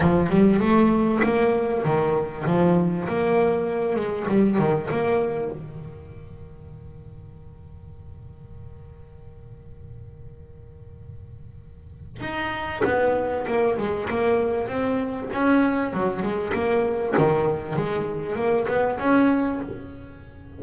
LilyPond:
\new Staff \with { instrumentName = "double bass" } { \time 4/4 \tempo 4 = 98 f8 g8 a4 ais4 dis4 | f4 ais4. gis8 g8 dis8 | ais4 dis2.~ | dis1~ |
dis1 | dis'4 b4 ais8 gis8 ais4 | c'4 cis'4 fis8 gis8 ais4 | dis4 gis4 ais8 b8 cis'4 | }